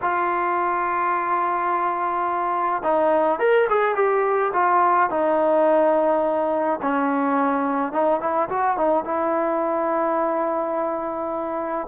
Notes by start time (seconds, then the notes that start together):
0.01 F4
2.82 D#4
3.39 A#4
3.69 G#4
3.95 G4
4.53 F4
5.10 D#4
6.82 C#4
7.92 D#4
8.20 E4
8.49 F#4
8.77 D#4
9.04 E4